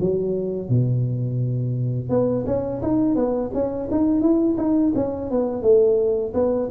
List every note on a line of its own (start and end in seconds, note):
0.00 0.69 F#3
0.69 2.09 B2
2.09 2.44 B3
2.46 2.81 C#4
2.82 3.15 D#4
3.15 3.50 B3
3.54 3.89 C#4
3.91 4.21 D#4
4.21 4.56 E4
4.57 4.92 D#4
4.95 5.30 C#4
5.30 5.62 B3
5.62 6.32 A3
6.33 6.69 B3